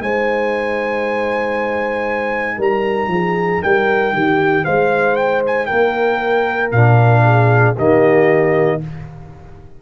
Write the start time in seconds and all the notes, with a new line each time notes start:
0.00 G#3 D#4 C5 G#5
2.58 G3 A#4 A#5
3.08 F3 G#4
3.63 G3 A#4 G5
4.13 D#3 G4
4.64 G#3 C5 F5
5.16 G5
5.47 G#5
5.66 A#3 A#4 G5
6.72 A#2 D4 F5
7.24 G#4
7.76 D#3 A#3 G4 D#5